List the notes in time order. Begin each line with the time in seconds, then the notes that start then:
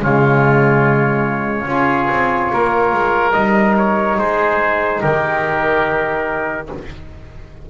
0.00 C#3 G#3 F4 C#5
1.66 C#4 F4 G#4
2.10 C4
2.53 A#3 A#4
2.92 G#3
3.32 G3 D#4 D#5
3.77 C#5
4.18 G#3 G#4 C5
5.01 D#3 G4 A#4